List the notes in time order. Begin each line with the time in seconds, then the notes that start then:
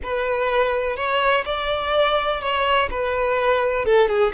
0.03 B4
0.96 C#5
1.45 D5
2.41 C#5
2.90 B4
3.85 A4
4.08 G#4